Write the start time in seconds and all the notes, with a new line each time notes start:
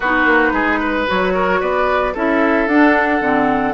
0.00 B3 D#4 F#4 B4
0.25 A#3
0.52 G#3 G#4
0.79 B4
1.07 F#3 F#4 C#5
1.34 A#4
1.60 B3 B4 D5
2.14 C#4 E4 A4 E5
2.67 D4 F#5
3.21 D3 C4